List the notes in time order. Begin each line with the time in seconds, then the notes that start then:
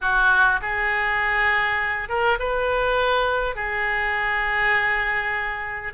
0.01 F#4
0.61 G#4
2.08 A#4
2.39 B4
3.55 G#4